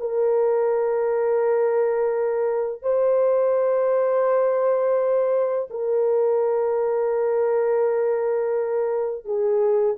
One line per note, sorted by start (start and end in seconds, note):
0.00 2.83 A#4
2.83 5.69 C5
5.71 9.25 A#4
9.25 9.97 G#4